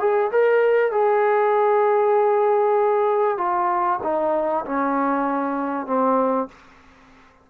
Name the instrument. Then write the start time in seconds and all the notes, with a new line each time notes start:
trombone
0.00 G#4
0.32 A#4
0.92 G#4
3.38 F4
4.03 D#4
4.66 C#4
5.87 C4